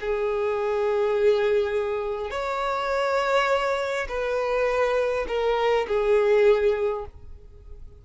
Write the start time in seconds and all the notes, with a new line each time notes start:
0.00 G#4
2.30 C#5
4.08 B4
5.28 A#4
5.87 G#4